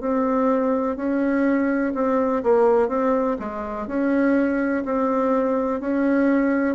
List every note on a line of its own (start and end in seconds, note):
0.00 0.96 C4
0.96 1.93 C#4
1.94 2.43 C4
2.43 2.89 A#3
2.89 3.37 C4
3.39 3.87 G#3
3.87 4.84 C#4
4.85 5.80 C4
5.80 6.75 C#4